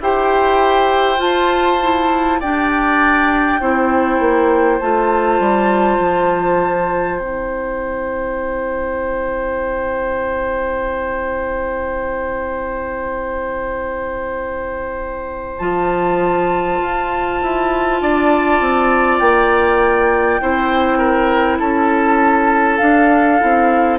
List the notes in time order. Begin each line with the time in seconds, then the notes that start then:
0.00 E4 G4 C5 G5
1.17 F4 A5
1.82 E4
2.40 D4 G4 D5 G5
3.60 C4 E4 C5
4.20 A#3
4.79 A3 F4 A5
5.39 G3
5.99 F3
7.19 C4 E4 G5
15.58 F3 F4 A5
16.81 F4
17.42 E4
18.01 D4 D5
18.60 C4
19.19 A#3 G5
20.40 C4 E4 C5
20.98 A#4
21.59 C#4 A4 A5
22.78 D4 F5
23.40 C4 E4